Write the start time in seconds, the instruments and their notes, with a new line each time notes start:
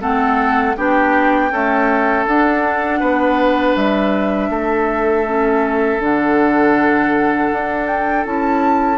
0.00 bassoon A3, clarinet C4, oboe A4, flute F#5
0.76 bassoon B3, clarinet D4, oboe G4, flute G5
1.51 clarinet A3, bassoon C#4, oboe A4
2.27 bassoon D4, clarinet D4, flute F#5
3.00 bassoon B3, oboe B4
3.76 bassoon G3, flute E5
4.50 bassoon A3, oboe A4
5.26 clarinet C#4
6.00 bassoon D3, clarinet D4, flute F#5
7.52 bassoon D4
7.87 flute G5
8.25 bassoon C#4, clarinet E4, flute A5